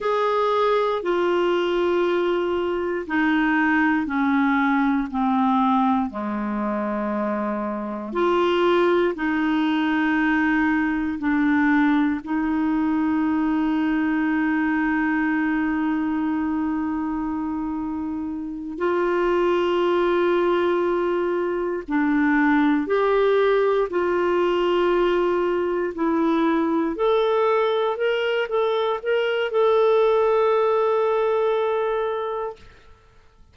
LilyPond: \new Staff \with { instrumentName = "clarinet" } { \time 4/4 \tempo 4 = 59 gis'4 f'2 dis'4 | cis'4 c'4 gis2 | f'4 dis'2 d'4 | dis'1~ |
dis'2~ dis'8 f'4.~ | f'4. d'4 g'4 f'8~ | f'4. e'4 a'4 ais'8 | a'8 ais'8 a'2. | }